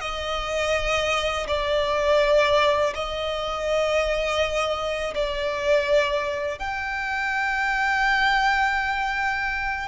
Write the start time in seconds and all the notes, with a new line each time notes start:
0.00 D#5
1.47 D5
2.94 D#5
5.14 D5
6.58 G5